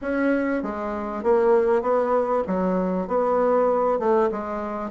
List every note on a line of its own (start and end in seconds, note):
0.01 0.62 C#4
0.62 1.23 G#3
1.23 1.81 A#3
1.81 2.43 B3
2.47 3.07 F#3
3.07 3.99 B3
3.99 4.29 A3
4.31 4.90 G#3